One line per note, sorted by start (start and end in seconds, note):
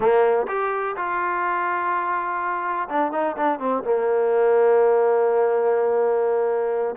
0.00 0.46 A#3
0.47 0.95 G4
0.96 2.88 F4
2.88 3.12 D4
3.12 3.36 D#4
3.36 3.59 D4
3.59 3.83 C4
3.83 6.95 A#3